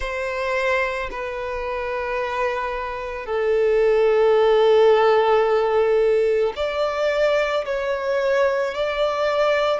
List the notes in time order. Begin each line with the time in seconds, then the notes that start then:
0.00 C5
1.10 B4
3.26 A4
6.56 D5
7.65 C#5
8.74 D5